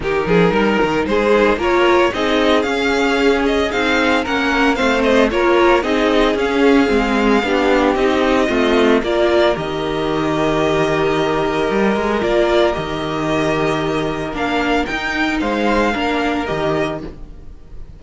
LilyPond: <<
  \new Staff \with { instrumentName = "violin" } { \time 4/4 \tempo 4 = 113 ais'2 c''4 cis''4 | dis''4 f''4. dis''8 f''4 | fis''4 f''8 dis''8 cis''4 dis''4 | f''2. dis''4~ |
dis''4 d''4 dis''2~ | dis''2. d''4 | dis''2. f''4 | g''4 f''2 dis''4 | }
  \new Staff \with { instrumentName = "violin" } { \time 4/4 g'8 gis'8 ais'4 gis'4 ais'4 | gis'1 | ais'4 c''4 ais'4 gis'4~ | gis'2 g'2 |
f'4 ais'2.~ | ais'1~ | ais'1~ | ais'4 c''4 ais'2 | }
  \new Staff \with { instrumentName = "viola" } { \time 4/4 dis'2~ dis'8 dis8 f'4 | dis'4 cis'2 dis'4 | cis'4 c'4 f'4 dis'4 | cis'4 c'4 d'4 dis'4 |
c'4 f'4 g'2~ | g'2. f'4 | g'2. d'4 | dis'2 d'4 g'4 | }
  \new Staff \with { instrumentName = "cello" } { \time 4/4 dis8 f8 g8 dis8 gis4 ais4 | c'4 cis'2 c'4 | ais4 a4 ais4 c'4 | cis'4 gis4 b4 c'4 |
a4 ais4 dis2~ | dis2 g8 gis8 ais4 | dis2. ais4 | dis'4 gis4 ais4 dis4 | }
>>